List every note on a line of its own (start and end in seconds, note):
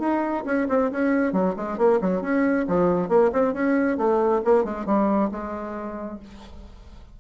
0.00 0.44 D#4
0.46 0.68 C#4
0.69 0.91 C4
0.92 1.33 C#4
1.33 1.55 F#3
1.56 1.78 G#3
1.78 2.00 A#3
2.02 2.22 F#3
2.22 2.66 C#4
2.68 3.09 F3
3.09 3.31 A#3
3.33 3.54 C4
3.54 3.98 C#4
3.98 4.42 A3
4.45 4.65 A#3
4.65 4.86 G#3
4.86 5.31 G3
5.32 6.20 G#3